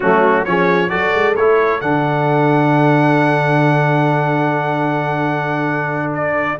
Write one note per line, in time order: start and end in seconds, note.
0.00 0.46 F#3
0.00 0.45 A3
0.00 0.44 C#4
0.00 0.44 F#4
0.44 0.92 F3
0.44 0.89 C#4
0.44 0.90 G#4
0.44 0.89 C#5
0.89 1.14 F#3
0.89 1.34 F#4
0.89 6.58 A4
0.89 1.34 D5
1.14 1.36 G#3
1.36 1.81 A3
1.36 1.81 E4
1.36 1.80 C#5
1.80 6.59 D3
1.80 6.59 D4
1.80 6.12 F#5
6.13 6.59 D5